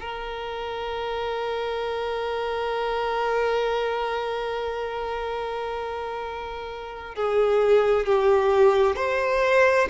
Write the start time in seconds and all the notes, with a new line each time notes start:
0.00 A#4
7.15 G#4
8.06 G4
8.96 C5